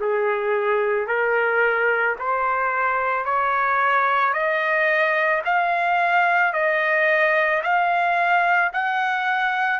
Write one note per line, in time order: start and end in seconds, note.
0.00 1.07 G#4
1.07 2.16 A#4
2.19 3.25 C5
3.25 4.33 C#5
4.33 5.42 D#5
5.45 6.53 F5
6.53 7.62 D#5
7.63 8.72 F5
8.73 9.79 F#5